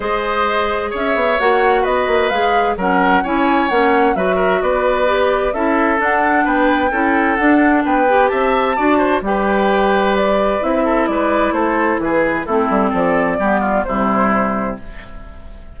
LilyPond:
<<
  \new Staff \with { instrumentName = "flute" } { \time 4/4 \tempo 4 = 130 dis''2 e''4 fis''4 | dis''4 f''4 fis''4 gis''4 | fis''4 e''4 d''2 | e''4 fis''4 g''2 |
fis''4 g''4 a''2 | g''2 d''4 e''4 | d''4 c''4 b'4 a'4 | d''2 c''2 | }
  \new Staff \with { instrumentName = "oboe" } { \time 4/4 c''2 cis''2 | b'2 ais'4 cis''4~ | cis''4 b'8 ais'8 b'2 | a'2 b'4 a'4~ |
a'4 b'4 e''4 d''8 c''8 | b'2.~ b'8 a'8 | b'4 a'4 gis'4 e'4 | a'4 g'8 f'8 e'2 | }
  \new Staff \with { instrumentName = "clarinet" } { \time 4/4 gis'2. fis'4~ | fis'4 gis'4 cis'4 e'4 | cis'4 fis'2 g'4 | e'4 d'2 e'4 |
d'4. g'4. fis'4 | g'2. e'4~ | e'2. c'4~ | c'4 b4 g2 | }
  \new Staff \with { instrumentName = "bassoon" } { \time 4/4 gis2 cis'8 b8 ais4 | b8 ais8 gis4 fis4 cis'4 | ais4 fis4 b2 | cis'4 d'4 b4 cis'4 |
d'4 b4 c'4 d'4 | g2. c'4 | gis4 a4 e4 a8 g8 | f4 g4 c2 | }
>>